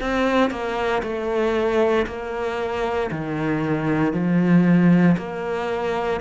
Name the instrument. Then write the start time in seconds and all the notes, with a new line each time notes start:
cello
0.00 C4
0.50 A#3
1.03 A3
2.06 A#3
3.10 D#3
4.12 F3
5.17 A#3